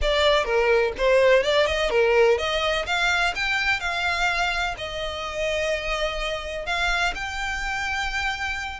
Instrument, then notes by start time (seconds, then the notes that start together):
violin
0.01 D5
0.44 A#4
0.97 C5
1.43 D5
1.66 D#5
1.90 A#4
2.38 D#5
2.86 F5
3.35 G5
3.80 F5
4.77 D#5
6.65 F5
7.15 G5